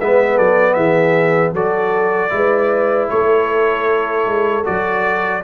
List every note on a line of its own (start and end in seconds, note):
0.00 0.39 G#3
0.00 1.56 B3
0.00 0.35 B4
0.00 0.38 E5
0.35 0.76 F#3
0.35 0.74 A4
0.35 0.73 D5
0.73 1.52 E3
0.73 1.53 G#4
0.73 1.51 E5
1.52 2.30 F#3
1.52 2.30 F#4
1.52 2.31 A4
1.52 3.09 D5
2.30 3.10 G#3
2.30 4.63 E4
2.30 3.10 B4
3.09 4.26 A3
3.09 5.44 A4
3.09 4.65 C#5
4.26 4.65 G#3
4.64 5.44 F#3
4.64 5.42 F#4
4.64 5.43 D5